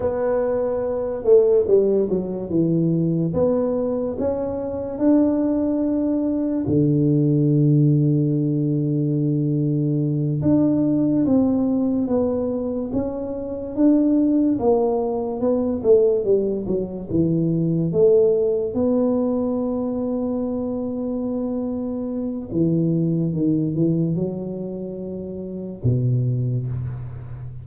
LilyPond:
\new Staff \with { instrumentName = "tuba" } { \time 4/4 \tempo 4 = 72 b4. a8 g8 fis8 e4 | b4 cis'4 d'2 | d1~ | d8 d'4 c'4 b4 cis'8~ |
cis'8 d'4 ais4 b8 a8 g8 | fis8 e4 a4 b4.~ | b2. e4 | dis8 e8 fis2 b,4 | }